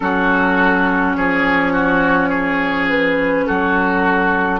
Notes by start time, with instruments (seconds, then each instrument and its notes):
0.00 bassoon F#3, clarinet C#4, oboe F#4, flute A4
1.14 bassoon F3, oboe G#4, flute C#5
1.73 oboe F#4
2.29 oboe G#4
2.88 flute B4
3.46 bassoon F#3, oboe F#4, flute A4